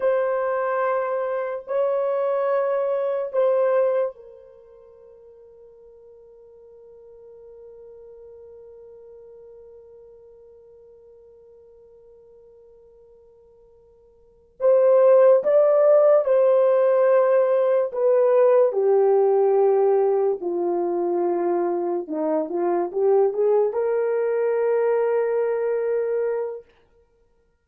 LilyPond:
\new Staff \with { instrumentName = "horn" } { \time 4/4 \tempo 4 = 72 c''2 cis''2 | c''4 ais'2.~ | ais'1~ | ais'1~ |
ais'4. c''4 d''4 c''8~ | c''4. b'4 g'4.~ | g'8 f'2 dis'8 f'8 g'8 | gis'8 ais'2.~ ais'8 | }